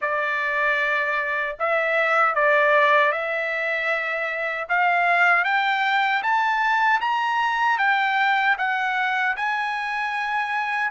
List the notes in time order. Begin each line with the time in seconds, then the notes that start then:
0.01 D5
1.59 E5
2.34 D5
3.12 E5
4.68 F5
5.44 G5
6.22 A5
7.00 A#5
7.78 G5
8.57 F#5
9.36 G#5